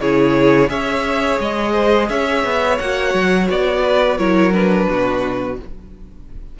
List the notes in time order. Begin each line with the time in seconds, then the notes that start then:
0.00 C#3 E4 G#4 C#5
0.68 C#4 G#4 C#5 E5
1.39 G#3 D#5
1.72 C5
2.09 C#4 C#5 E5
2.44 B3
2.78 A#3 F#4 F#5
3.14 F#3
3.50 B3 D5
3.83 B4
4.17 F#3 E4 A#4 C#5
4.52 D4 B4
4.89 B2 F#4